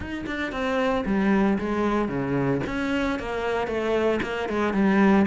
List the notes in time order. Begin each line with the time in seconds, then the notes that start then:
0.00 D#4
0.26 D4
0.51 C4
1.05 G3
1.58 G#3
2.08 C#3
2.67 C#4
3.19 A#3
3.67 A3
4.22 A#3
4.49 G#3
4.73 G3